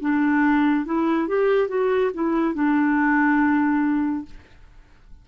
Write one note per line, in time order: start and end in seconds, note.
0.00 0.85 D4
0.85 1.28 E4
1.28 1.68 G4
1.68 2.11 F#4
2.14 2.54 E4
2.54 4.25 D4